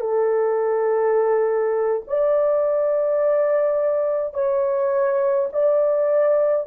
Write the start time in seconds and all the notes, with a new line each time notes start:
0.00 A4
2.07 D5
4.34 C#5
5.53 D5